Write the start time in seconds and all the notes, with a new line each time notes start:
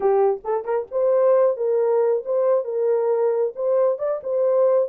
0.00 G4
0.43 A4
0.64 A#4
0.91 C5
1.56 A#4
2.25 C5
2.64 A#4
3.55 C5
3.98 D5
4.23 C5